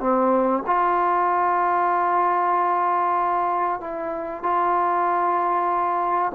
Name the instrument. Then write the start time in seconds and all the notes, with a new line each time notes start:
trombone
0.00 C4
0.67 F4
3.80 E4
4.43 F4